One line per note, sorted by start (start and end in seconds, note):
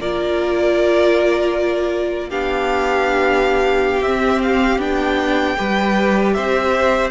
0.00 2.32 A#3
0.00 2.30 F4
0.00 2.29 A#4
0.00 2.30 D5
2.29 4.02 B3
2.29 4.04 D4
2.29 5.56 G4
2.29 4.03 F5
4.02 4.79 C4
4.02 4.80 C4
4.02 4.42 E5
4.42 4.81 F5
4.79 5.56 B3
4.79 5.57 D4
4.79 6.33 G5
5.58 6.37 G3
5.58 7.11 G4
5.58 6.35 B4
6.33 7.11 C4
6.33 7.11 C5
6.33 7.10 E5